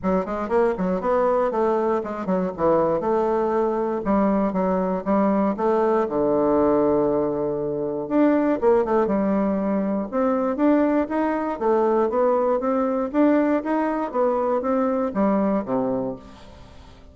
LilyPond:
\new Staff \with { instrumentName = "bassoon" } { \time 4/4 \tempo 4 = 119 fis8 gis8 ais8 fis8 b4 a4 | gis8 fis8 e4 a2 | g4 fis4 g4 a4 | d1 |
d'4 ais8 a8 g2 | c'4 d'4 dis'4 a4 | b4 c'4 d'4 dis'4 | b4 c'4 g4 c4 | }